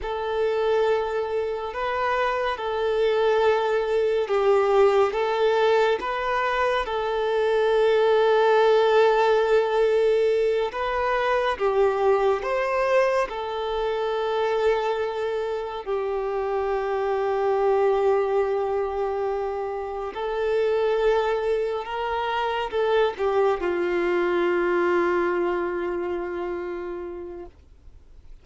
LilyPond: \new Staff \with { instrumentName = "violin" } { \time 4/4 \tempo 4 = 70 a'2 b'4 a'4~ | a'4 g'4 a'4 b'4 | a'1~ | a'8 b'4 g'4 c''4 a'8~ |
a'2~ a'8 g'4.~ | g'2.~ g'8 a'8~ | a'4. ais'4 a'8 g'8 f'8~ | f'1 | }